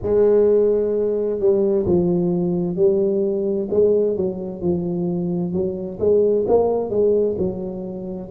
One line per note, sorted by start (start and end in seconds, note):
0.02 1.39 G#3
1.39 1.85 G3
1.86 2.76 F3
2.76 3.68 G3
3.70 4.16 G#3
4.16 4.62 F#3
4.62 5.52 F3
5.52 5.98 F#3
5.99 6.45 G#3
6.47 6.90 A#3
6.90 7.36 G#3
7.38 8.30 F#3